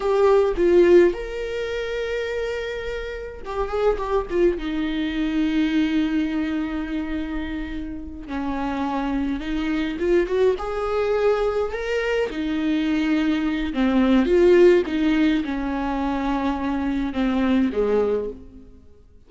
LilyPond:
\new Staff \with { instrumentName = "viola" } { \time 4/4 \tempo 4 = 105 g'4 f'4 ais'2~ | ais'2 g'8 gis'8 g'8 f'8 | dis'1~ | dis'2~ dis'8 cis'4.~ |
cis'8 dis'4 f'8 fis'8 gis'4.~ | gis'8 ais'4 dis'2~ dis'8 | c'4 f'4 dis'4 cis'4~ | cis'2 c'4 gis4 | }